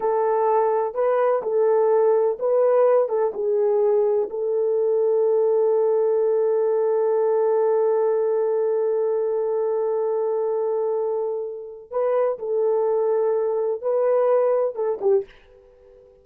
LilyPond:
\new Staff \with { instrumentName = "horn" } { \time 4/4 \tempo 4 = 126 a'2 b'4 a'4~ | a'4 b'4. a'8 gis'4~ | gis'4 a'2.~ | a'1~ |
a'1~ | a'1~ | a'4 b'4 a'2~ | a'4 b'2 a'8 g'8 | }